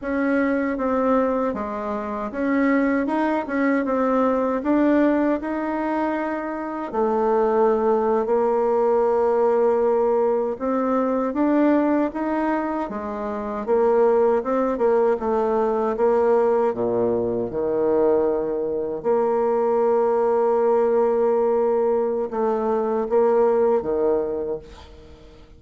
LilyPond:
\new Staff \with { instrumentName = "bassoon" } { \time 4/4 \tempo 4 = 78 cis'4 c'4 gis4 cis'4 | dis'8 cis'8 c'4 d'4 dis'4~ | dis'4 a4.~ a16 ais4~ ais16~ | ais4.~ ais16 c'4 d'4 dis'16~ |
dis'8. gis4 ais4 c'8 ais8 a16~ | a8. ais4 ais,4 dis4~ dis16~ | dis8. ais2.~ ais16~ | ais4 a4 ais4 dis4 | }